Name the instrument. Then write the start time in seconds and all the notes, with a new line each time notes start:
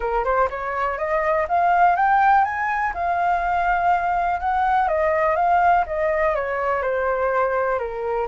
flute
0.00 A#4
0.24 C5
0.49 C#5
0.98 D#5
1.48 F5
1.96 G5
2.44 G#5
2.94 F5
4.39 F#5
4.88 D#5
5.35 F5
5.86 D#5
6.35 C#5
6.82 C5
7.78 A#4